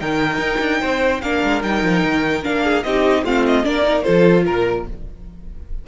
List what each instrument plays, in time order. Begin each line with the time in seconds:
0.00 cello D#3, viola D#4, violin A#4 G5
0.38 cello D#4
0.60 cello D4
0.81 cello C4, violin C5
1.21 cello A#3, viola D4, violin A#4 F5
1.43 cello G#3
1.63 cello G3, viola D#4, violin G5
1.83 cello F3
2.04 cello D#3
2.43 cello A#3, viola D4, violin F5
2.64 violin G#4
2.83 cello C4, viola D#4, violin G4 D#5
3.24 cello A3, viola C4, violin F4 F5
3.46 violin D#5
3.63 cello A#3, viola D4, violin A#4 D5
3.83 viola D#4
4.03 cello F3, viola F4, violin A4 C5
4.45 cello A#2, violin A#4